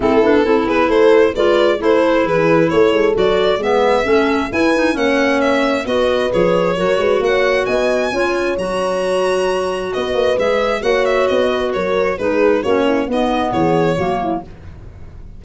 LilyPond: <<
  \new Staff \with { instrumentName = "violin" } { \time 4/4 \tempo 4 = 133 a'4. b'8 c''4 d''4 | c''4 b'4 cis''4 d''4 | e''2 gis''4 fis''4 | e''4 dis''4 cis''2 |
fis''4 gis''2 ais''4~ | ais''2 dis''4 e''4 | fis''8 e''8 dis''4 cis''4 b'4 | cis''4 dis''4 cis''2 | }
  \new Staff \with { instrumentName = "horn" } { \time 4/4 e'4 a'8 gis'8 a'4 b'4 | a'4 gis'4 a'2 | b'4 a'4 b'4 cis''4~ | cis''4 b'2 ais'8 b'8 |
cis''4 dis''4 cis''2~ | cis''2 b'2 | cis''4. b'8 ais'4 gis'4 | fis'8 e'8 dis'4 gis'4 fis'8 e'8 | }
  \new Staff \with { instrumentName = "clarinet" } { \time 4/4 c'8 d'8 e'2 f'4 | e'2. fis'4 | b4 cis'4 e'8 dis'8 cis'4~ | cis'4 fis'4 gis'4 fis'4~ |
fis'2 f'4 fis'4~ | fis'2. gis'4 | fis'2. dis'4 | cis'4 b2 ais4 | }
  \new Staff \with { instrumentName = "tuba" } { \time 4/4 a8 b8 c'8 b8 a4 gis4 | a4 e4 a8 gis8 fis4 | gis4 a4 e'4 ais4~ | ais4 b4 f4 fis8 gis8 |
ais4 b4 cis'4 fis4~ | fis2 b8 ais8 gis4 | ais4 b4 fis4 gis4 | ais4 b4 e4 fis4 | }
>>